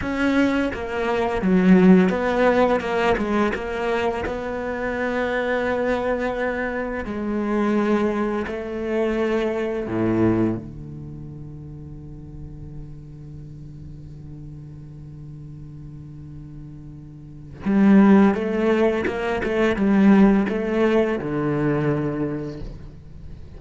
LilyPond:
\new Staff \with { instrumentName = "cello" } { \time 4/4 \tempo 4 = 85 cis'4 ais4 fis4 b4 | ais8 gis8 ais4 b2~ | b2 gis2 | a2 a,4 d4~ |
d1~ | d1~ | d4 g4 a4 ais8 a8 | g4 a4 d2 | }